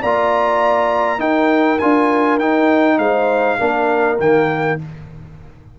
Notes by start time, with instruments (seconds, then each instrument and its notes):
0.00 tuba A#3, trombone F4, horn D5, trumpet A#5
1.18 trombone D#4, tuba D#4, horn A#4, trumpet G5
1.78 tuba D4, trombone F4, trumpet G#5
2.38 tuba D#4, trombone D#4, trumpet G5
2.97 tuba G#3, horn C5, trumpet F5
3.58 tuba A#3, trombone D4, horn A#4
4.19 tuba D#3, trombone A#3, trumpet G5